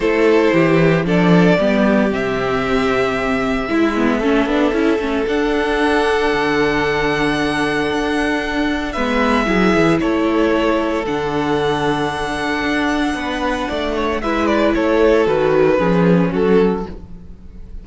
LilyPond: <<
  \new Staff \with { instrumentName = "violin" } { \time 4/4 \tempo 4 = 114 c''2 d''2 | e''1~ | e''2 fis''2~ | fis''1~ |
fis''4 e''2 cis''4~ | cis''4 fis''2.~ | fis''2. e''8 d''8 | cis''4 b'2 a'4 | }
  \new Staff \with { instrumentName = "violin" } { \time 4/4 a'4 g'4 a'4 g'4~ | g'2. e'4 | a'1~ | a'1~ |
a'4 b'4 gis'4 a'4~ | a'1~ | a'4 b'4 d''8 cis''8 b'4 | a'2 gis'4 fis'4 | }
  \new Staff \with { instrumentName = "viola" } { \time 4/4 e'2 d'4 b4 | c'2. e'8 b8 | cis'8 d'8 e'8 cis'8 d'2~ | d'1~ |
d'4 b4 e'2~ | e'4 d'2.~ | d'2. e'4~ | e'4 fis'4 cis'2 | }
  \new Staff \with { instrumentName = "cello" } { \time 4/4 a4 e4 f4 g4 | c2. gis4 | a8 b8 cis'8 a8 d'2 | d2. d'4~ |
d'4 gis4 fis8 e8 a4~ | a4 d2. | d'4 b4 a4 gis4 | a4 dis4 f4 fis4 | }
>>